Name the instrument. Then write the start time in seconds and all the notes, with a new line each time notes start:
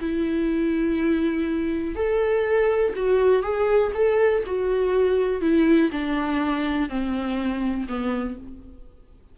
viola
0.00 E4
1.95 A4
2.95 F#4
3.42 G#4
3.94 A4
4.46 F#4
5.41 E4
5.91 D4
6.89 C4
7.88 B3